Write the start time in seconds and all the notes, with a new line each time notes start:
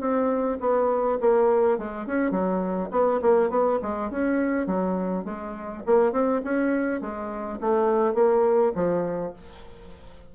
0.00 C4
0.60 B3
1.21 A#3
1.78 G#3
2.07 C#4
2.31 F#3
2.91 B3
3.22 A#3
3.50 B3
3.82 G#3
4.10 C#4
4.67 F#3
5.25 G#3
5.86 A#3
6.12 C4
6.44 C#4
7.01 G#3
7.61 A3
8.14 A#3
8.75 F3